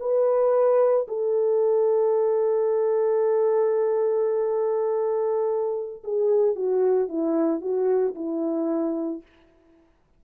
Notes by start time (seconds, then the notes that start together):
0.00 B4
1.08 A4
6.04 G#4
6.56 F#4
7.09 E4
7.61 F#4
8.15 E4